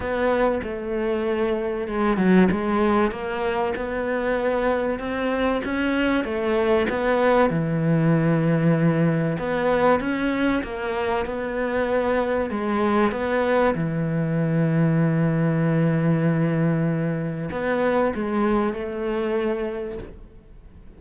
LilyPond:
\new Staff \with { instrumentName = "cello" } { \time 4/4 \tempo 4 = 96 b4 a2 gis8 fis8 | gis4 ais4 b2 | c'4 cis'4 a4 b4 | e2. b4 |
cis'4 ais4 b2 | gis4 b4 e2~ | e1 | b4 gis4 a2 | }